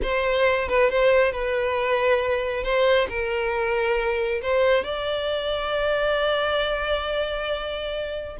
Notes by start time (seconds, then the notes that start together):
0.02 C5
0.68 B4
0.90 C5
1.31 B4
2.63 C5
3.09 A#4
4.42 C5
4.84 D5